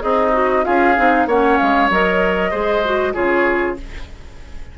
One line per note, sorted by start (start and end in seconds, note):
0.00 0.67 C4
0.00 0.65 D#4
0.00 0.31 G#4
0.00 0.65 D#5
0.33 0.64 F#4
0.64 0.98 C#4
0.64 0.95 F4
0.64 1.28 G#4
0.64 1.27 F5
0.97 1.27 C4
0.97 1.28 D#4
1.27 1.58 A#3
1.27 1.92 C#4
1.27 2.51 C#5
1.27 1.58 F#5
1.58 1.90 G#3
1.58 1.89 F5
1.90 2.53 F#3
1.90 2.52 A#4
1.90 3.14 D#5
2.51 3.15 G#3
2.51 2.83 G#4
2.51 3.13 C5
2.85 3.14 F#4
3.14 3.78 C#3
3.14 3.76 F4
3.14 3.77 G#4
3.14 3.77 C#5